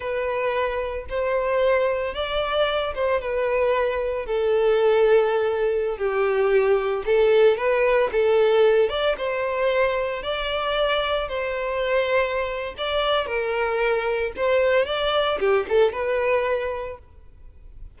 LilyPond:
\new Staff \with { instrumentName = "violin" } { \time 4/4 \tempo 4 = 113 b'2 c''2 | d''4. c''8 b'2 | a'2.~ a'16 g'8.~ | g'4~ g'16 a'4 b'4 a'8.~ |
a'8. d''8 c''2 d''8.~ | d''4~ d''16 c''2~ c''8. | d''4 ais'2 c''4 | d''4 g'8 a'8 b'2 | }